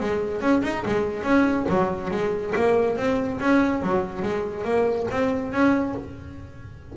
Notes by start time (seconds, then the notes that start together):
0.00 G#3
0.41 C#4
0.63 D#4
0.86 G#3
1.23 C#4
1.69 F#3
2.11 G#3
2.56 A#3
2.97 C4
3.41 C#4
3.83 F#3
4.23 G#3
4.64 A#3
5.11 C4
5.53 C#4